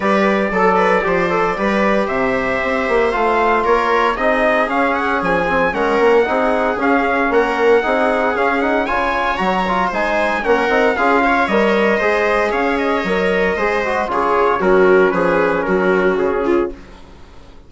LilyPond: <<
  \new Staff \with { instrumentName = "trumpet" } { \time 4/4 \tempo 4 = 115 d''1 | e''2 f''4 cis''4 | dis''4 f''8 fis''8 gis''4 fis''4~ | fis''4 f''4 fis''2 |
f''8 fis''8 gis''4 ais''4 gis''4 | fis''4 f''4 dis''2 | f''8 dis''2~ dis''8 cis''4 | ais'4 b'4 ais'4 gis'4 | }
  \new Staff \with { instrumentName = "viola" } { \time 4/4 b'4 a'8 b'8 c''4 b'4 | c''2. ais'4 | gis'2. ais'4 | gis'2 ais'4 gis'4~ |
gis'4 cis''2 c''4 | ais'4 gis'8 cis''4. c''4 | cis''2 c''4 gis'4 | fis'4 gis'4 fis'4. f'8 | }
  \new Staff \with { instrumentName = "trombone" } { \time 4/4 g'4 a'4 g'8 a'8 g'4~ | g'2 f'2 | dis'4 cis'4. c'8 cis'4 | dis'4 cis'2 dis'4 |
cis'8 dis'8 f'4 fis'8 f'8 dis'4 | cis'8 dis'8 f'4 ais'4 gis'4~ | gis'4 ais'4 gis'8 fis'8 f'4 | cis'1 | }
  \new Staff \with { instrumentName = "bassoon" } { \time 4/4 g4 fis4 f4 g4 | c4 c'8 ais8 a4 ais4 | c'4 cis'4 f4 gis8 ais8 | c'4 cis'4 ais4 c'4 |
cis'4 cis4 fis4 gis4 | ais8 c'8 cis'4 g4 gis4 | cis'4 fis4 gis4 cis4 | fis4 f4 fis4 cis4 | }
>>